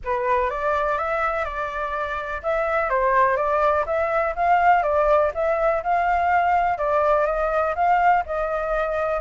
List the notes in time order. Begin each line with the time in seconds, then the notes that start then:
0.04 B4
0.49 D5
0.98 E5
1.44 D5
2.43 E5
2.89 C5
3.36 D5
3.86 E5
4.35 F5
4.82 D5
5.34 E5
5.83 F5
6.77 D5
7.26 D#5
7.75 F5
8.25 D#5